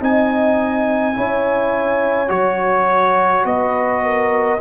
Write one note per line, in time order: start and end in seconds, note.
0.00 1.16 C4
0.00 1.14 D#4
0.00 1.17 D#5
0.00 2.30 G#5
1.14 2.30 C#4
1.14 2.28 E4
1.14 3.45 C#5
2.28 3.45 F#3
2.28 4.58 F#4
2.28 3.45 C#5
3.45 4.60 B3
3.45 4.03 B4
3.45 4.61 D#5
4.04 4.61 A#4